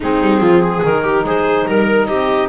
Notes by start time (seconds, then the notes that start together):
0.00 G#3 C4 D#4 G#4
0.20 G3
0.40 F3 F4
0.62 G#4
0.83 D#3 D#4 A#4
1.03 G4
1.23 G#3 G#4 C5
1.67 G3 A#4
2.06 C4 G4 D#5